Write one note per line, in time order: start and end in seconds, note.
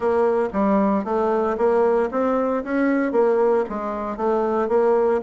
0.00 0.48 A#3
0.52 1.04 G3
1.04 1.56 A3
1.57 2.09 A#3
2.11 2.63 C4
2.64 3.12 C#4
3.12 3.64 A#3
3.69 4.16 G#3
4.16 4.68 A3
4.68 5.20 A#3